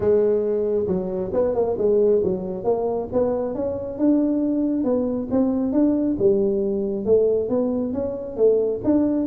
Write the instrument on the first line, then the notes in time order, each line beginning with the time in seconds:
tuba
0.00 G#3
0.87 F#3
1.33 B3
1.54 A#3
1.78 G#3
2.23 F#3
2.64 A#3
3.12 B3
3.54 C#4
3.98 D4
4.84 B3
5.30 C4
5.72 D4
6.19 G3
7.05 A3
7.49 B3
7.93 C#4
8.36 A3
8.84 D4